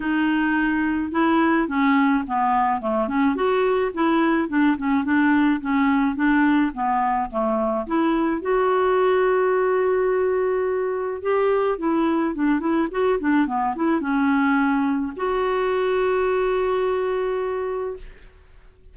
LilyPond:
\new Staff \with { instrumentName = "clarinet" } { \time 4/4 \tempo 4 = 107 dis'2 e'4 cis'4 | b4 a8 cis'8 fis'4 e'4 | d'8 cis'8 d'4 cis'4 d'4 | b4 a4 e'4 fis'4~ |
fis'1 | g'4 e'4 d'8 e'8 fis'8 d'8 | b8 e'8 cis'2 fis'4~ | fis'1 | }